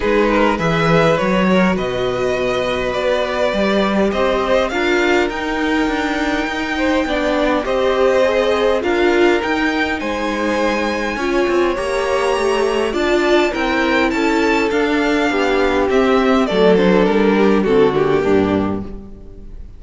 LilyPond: <<
  \new Staff \with { instrumentName = "violin" } { \time 4/4 \tempo 4 = 102 b'4 e''4 cis''4 dis''4~ | dis''4 d''2 dis''4 | f''4 g''2.~ | g''4 dis''2 f''4 |
g''4 gis''2. | ais''2 a''4 g''4 | a''4 f''2 e''4 | d''8 c''8 ais'4 a'8 g'4. | }
  \new Staff \with { instrumentName = "violin" } { \time 4/4 gis'8 ais'8 b'4. ais'8 b'4~ | b'2. c''4 | ais'2.~ ais'8 c''8 | d''4 c''2 ais'4~ |
ais'4 c''2 cis''4~ | cis''2 d''4 ais'4 | a'2 g'2 | a'4. g'8 fis'4 d'4 | }
  \new Staff \with { instrumentName = "viola" } { \time 4/4 dis'4 gis'4 fis'2~ | fis'2 g'2 | f'4 dis'2. | d'4 g'4 gis'4 f'4 |
dis'2. f'4 | g'2 f'4 e'4~ | e'4 d'2 c'4 | a8 d'4. c'8 ais4. | }
  \new Staff \with { instrumentName = "cello" } { \time 4/4 gis4 e4 fis4 b,4~ | b,4 b4 g4 c'4 | d'4 dis'4 d'4 dis'4 | b4 c'2 d'4 |
dis'4 gis2 cis'8 c'8 | ais4 a4 d'4 c'4 | cis'4 d'4 b4 c'4 | fis4 g4 d4 g,4 | }
>>